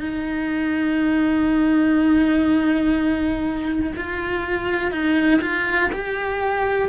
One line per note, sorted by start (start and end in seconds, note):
0.00 3.93 D#4
3.96 4.91 F4
4.91 5.41 D#4
5.41 5.90 F4
5.92 6.89 G4